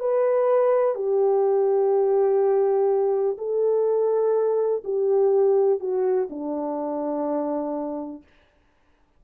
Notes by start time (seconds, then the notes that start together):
0.00 B4
0.95 G4
3.38 A4
4.85 G4
5.80 F#4
6.30 D4